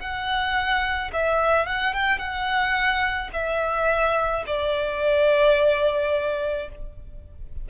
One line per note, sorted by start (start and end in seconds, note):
0.00 1.11 F#5
1.13 1.66 E5
1.66 1.93 F#5
1.93 2.19 G5
2.19 3.30 F#5
3.33 4.44 E5
4.47 6.69 D5